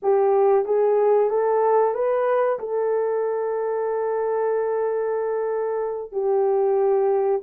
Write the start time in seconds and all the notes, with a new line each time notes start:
0.02 G4
0.65 G#4
1.30 A4
1.94 B4
2.59 A4
6.12 G4